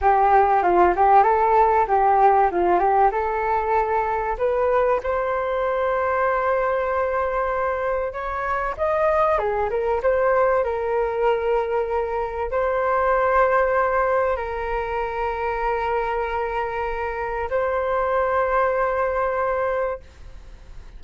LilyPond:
\new Staff \with { instrumentName = "flute" } { \time 4/4 \tempo 4 = 96 g'4 f'8 g'8 a'4 g'4 | f'8 g'8 a'2 b'4 | c''1~ | c''4 cis''4 dis''4 gis'8 ais'8 |
c''4 ais'2. | c''2. ais'4~ | ais'1 | c''1 | }